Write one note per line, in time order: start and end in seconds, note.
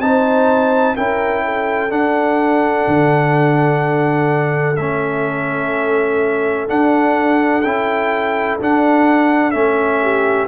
0.00 0.95 C4
0.00 0.96 D#4
0.00 0.97 C5
0.00 0.96 A5
0.96 1.90 C#4
0.96 1.90 E4
0.96 1.44 A#4
0.96 1.92 G5
1.45 10.02 A4
1.90 4.76 D4
1.90 2.86 D4
1.90 4.76 F#5
2.88 4.78 D3
4.76 6.68 A3
4.76 6.68 C#4
4.76 6.67 E5
6.68 7.63 D4
6.68 7.64 D4
6.68 7.62 F#5
7.62 8.60 C#4
7.62 8.60 E4
7.62 8.57 G5
8.61 9.53 D4
8.61 9.54 D4
8.61 9.51 F#5
9.51 10.48 A3
9.51 10.48 C#4
9.51 10.46 E5
10.02 10.48 G4